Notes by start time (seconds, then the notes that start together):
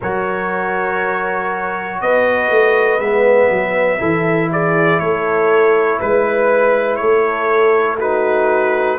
0.00 F#3 F#4 A#4 C#5
2.01 B3 B4 D#5
2.49 A3
2.98 G#3 B3 E5
3.50 F#3
3.98 E3 E4 A4
4.51 G#4 D5
4.99 A3 A4 C#5
5.99 G#3 B4
6.96 A3 A4 C#5
7.98 D#4 F#4 B4